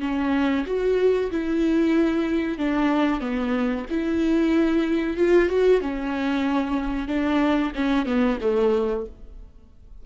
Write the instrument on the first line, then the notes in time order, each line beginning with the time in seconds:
viola
0.00 C#4
0.66 F#4
1.30 E4
2.58 D4
3.20 B3
3.90 E4
5.16 F4
5.49 F#4
5.81 C#4
7.07 D4
7.74 C#4
8.06 B3
8.41 A3